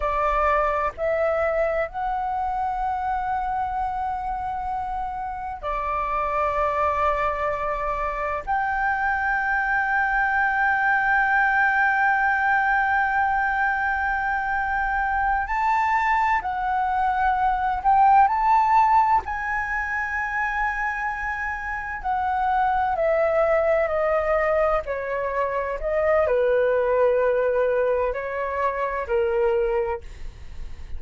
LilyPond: \new Staff \with { instrumentName = "flute" } { \time 4/4 \tempo 4 = 64 d''4 e''4 fis''2~ | fis''2 d''2~ | d''4 g''2.~ | g''1~ |
g''8 a''4 fis''4. g''8 a''8~ | a''8 gis''2. fis''8~ | fis''8 e''4 dis''4 cis''4 dis''8 | b'2 cis''4 ais'4 | }